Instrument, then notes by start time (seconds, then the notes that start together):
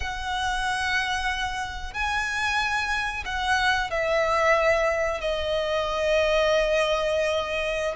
violin
0.00 F#5
1.93 G#5
3.25 F#5
3.90 E5
5.21 D#5